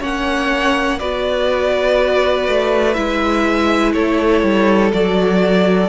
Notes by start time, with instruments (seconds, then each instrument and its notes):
0.00 cello A#3, viola C#4, violin C#5 F#5
0.99 cello B3, viola F#4, violin B4 D5
2.48 cello A3
2.94 cello G#3, viola E4, violin E5
3.93 cello A3, violin A4 C#5
4.43 cello G3
4.93 cello F#3, viola F#4, violin D5